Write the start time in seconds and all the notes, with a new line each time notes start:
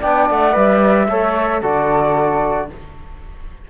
0.00 B3 D4 D5 G5
0.30 A3 F#5
0.52 G3 B4 E5
1.08 A3 A4 C#5
1.61 D3 F#4 A4 D5